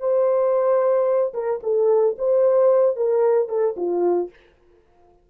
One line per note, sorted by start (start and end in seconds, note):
0.00 1.33 C5
1.34 1.60 A#4
1.63 2.16 A4
2.18 2.96 C5
2.96 3.49 A#4
3.49 3.75 A4
3.77 4.30 F4